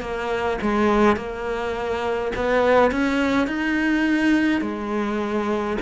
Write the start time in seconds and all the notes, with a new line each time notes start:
0.00 A#3
0.61 G#3
1.16 A#3
2.35 B3
2.91 C#4
3.47 D#4
4.61 G#3